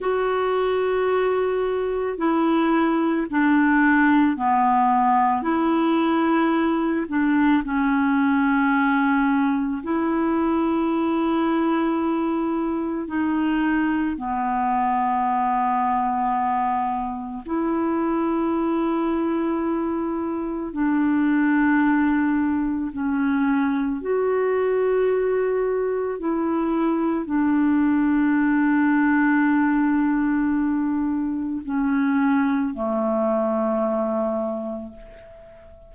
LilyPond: \new Staff \with { instrumentName = "clarinet" } { \time 4/4 \tempo 4 = 55 fis'2 e'4 d'4 | b4 e'4. d'8 cis'4~ | cis'4 e'2. | dis'4 b2. |
e'2. d'4~ | d'4 cis'4 fis'2 | e'4 d'2.~ | d'4 cis'4 a2 | }